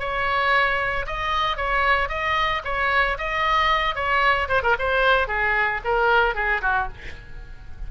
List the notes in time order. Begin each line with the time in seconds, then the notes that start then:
0.00 C#5
1.07 D#5
1.57 C#5
2.09 D#5
2.65 C#5
3.18 D#5
3.95 C#5
4.49 C5
4.63 A#4
4.79 C5
5.28 G#4
5.85 A#4
6.35 G#4
6.62 F#4